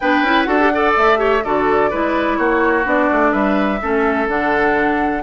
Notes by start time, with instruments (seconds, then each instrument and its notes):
0.00 bassoon B3, clarinet D4, oboe B4, flute G5
0.22 bassoon C#4, clarinet E4
0.43 bassoon D4, clarinet F#4, oboe A4, flute F#5
0.59 clarinet G4
0.73 clarinet A4, oboe D5
0.96 bassoon A3, flute E5
1.17 clarinet G4, oboe C#5
1.44 bassoon D3, clarinet F#4, oboe A4, flute D5
1.90 bassoon G#3, clarinet E4, oboe B4
2.36 bassoon A#3, oboe F#4, flute C#5
2.83 bassoon B3, clarinet D4, flute D5
3.11 bassoon A3
3.31 bassoon G3, oboe B4, flute E5
3.82 bassoon A3, clarinet C#4, oboe A4
4.27 bassoon D3, clarinet D4, flute F#5